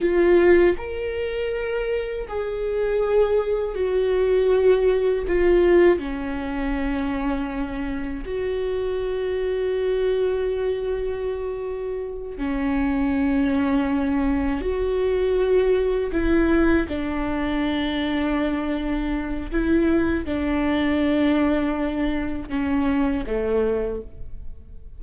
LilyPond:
\new Staff \with { instrumentName = "viola" } { \time 4/4 \tempo 4 = 80 f'4 ais'2 gis'4~ | gis'4 fis'2 f'4 | cis'2. fis'4~ | fis'1~ |
fis'8 cis'2. fis'8~ | fis'4. e'4 d'4.~ | d'2 e'4 d'4~ | d'2 cis'4 a4 | }